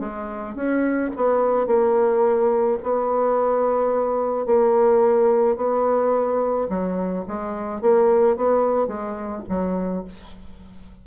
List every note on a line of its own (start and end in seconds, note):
0.00 0.56 G#3
0.56 1.11 C#4
1.16 1.67 B3
1.67 2.78 A#3
2.83 4.46 B3
4.46 5.57 A#3
5.57 6.68 B3
6.69 7.25 F#3
7.28 7.82 G#3
7.82 8.37 A#3
8.37 8.88 B3
8.88 9.43 G#3
9.49 10.05 F#3